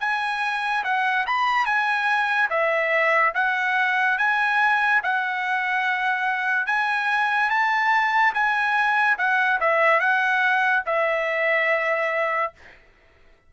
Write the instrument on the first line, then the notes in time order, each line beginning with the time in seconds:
trumpet
0.00 G#5
0.84 F#5
1.26 B5
1.65 G#5
2.50 E5
3.34 F#5
4.18 G#5
5.03 F#5
6.66 G#5
7.50 A5
8.34 G#5
9.18 F#5
9.60 E5
10.00 F#5
10.86 E5